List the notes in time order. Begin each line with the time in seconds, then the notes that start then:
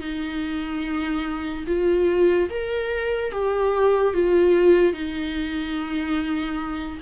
0.00 D#4
1.67 F4
2.50 A#4
3.31 G4
4.14 F4
4.93 D#4